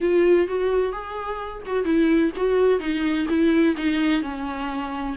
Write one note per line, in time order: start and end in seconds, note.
0.01 0.47 F4
0.47 0.92 F#4
0.92 1.62 G#4
1.66 1.84 F#4
1.84 2.31 E4
2.36 2.79 F#4
2.79 3.26 D#4
3.28 3.75 E4
3.76 4.22 D#4
4.22 5.15 C#4